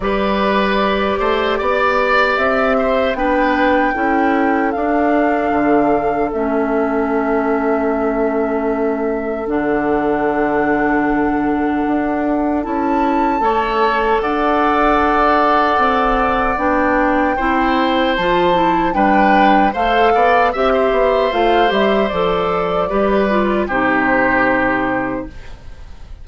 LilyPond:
<<
  \new Staff \with { instrumentName = "flute" } { \time 4/4 \tempo 4 = 76 d''2. e''4 | g''2 f''2 | e''1 | fis''1 |
a''2 fis''2~ | fis''4 g''2 a''4 | g''4 f''4 e''4 f''8 e''8 | d''2 c''2 | }
  \new Staff \with { instrumentName = "oboe" } { \time 4/4 b'4. c''8 d''4. c''8 | b'4 a'2.~ | a'1~ | a'1~ |
a'4 cis''4 d''2~ | d''2 c''2 | b'4 c''8 d''8 e''16 c''4.~ c''16~ | c''4 b'4 g'2 | }
  \new Staff \with { instrumentName = "clarinet" } { \time 4/4 g'1 | d'4 e'4 d'2 | cis'1 | d'1 |
e'4 a'2.~ | a'4 d'4 e'4 f'8 e'8 | d'4 a'4 g'4 f'8 g'8 | a'4 g'8 f'8 dis'2 | }
  \new Staff \with { instrumentName = "bassoon" } { \time 4/4 g4. a8 b4 c'4 | b4 cis'4 d'4 d4 | a1 | d2. d'4 |
cis'4 a4 d'2 | c'4 b4 c'4 f4 | g4 a8 b8 c'8 b8 a8 g8 | f4 g4 c2 | }
>>